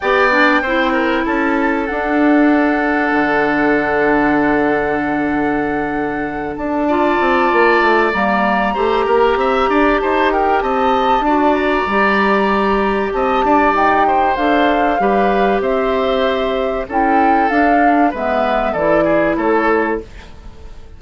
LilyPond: <<
  \new Staff \with { instrumentName = "flute" } { \time 4/4 \tempo 4 = 96 g''2 a''4 fis''4~ | fis''1~ | fis''2~ fis''8 a''4.~ | a''4 ais''2. |
a''8 g''8 a''4. ais''4.~ | ais''4 a''4 g''4 f''4~ | f''4 e''2 g''4 | f''4 e''4 d''4 cis''4 | }
  \new Staff \with { instrumentName = "oboe" } { \time 4/4 d''4 c''8 ais'8 a'2~ | a'1~ | a'2. d''4~ | d''2 c''8 ais'8 e''8 d''8 |
c''8 ais'8 dis''4 d''2~ | d''4 dis''8 d''4 c''4. | b'4 c''2 a'4~ | a'4 b'4 a'8 gis'8 a'4 | }
  \new Staff \with { instrumentName = "clarinet" } { \time 4/4 g'8 d'8 e'2 d'4~ | d'1~ | d'2. f'4~ | f'4 ais4 g'2~ |
g'2 fis'4 g'4~ | g'2. a'4 | g'2. e'4 | d'4 b4 e'2 | }
  \new Staff \with { instrumentName = "bassoon" } { \time 4/4 b4 c'4 cis'4 d'4~ | d'4 d2.~ | d2~ d8 d'4 c'8 | ais8 a8 g4 a8 ais8 c'8 d'8 |
dis'4 c'4 d'4 g4~ | g4 c'8 d'8 dis'4 d'4 | g4 c'2 cis'4 | d'4 gis4 e4 a4 | }
>>